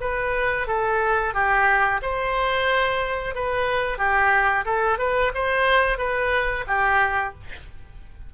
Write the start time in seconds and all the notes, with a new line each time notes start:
0.00 B4
0.67 A4
1.34 G4
2.02 C5
3.34 B4
3.98 G4
4.65 A4
4.98 B4
5.34 C5
5.98 B4
6.67 G4